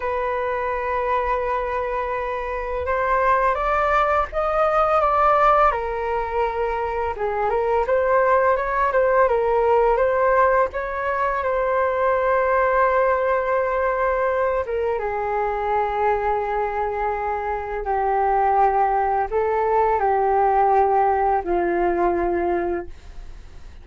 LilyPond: \new Staff \with { instrumentName = "flute" } { \time 4/4 \tempo 4 = 84 b'1 | c''4 d''4 dis''4 d''4 | ais'2 gis'8 ais'8 c''4 | cis''8 c''8 ais'4 c''4 cis''4 |
c''1~ | c''8 ais'8 gis'2.~ | gis'4 g'2 a'4 | g'2 f'2 | }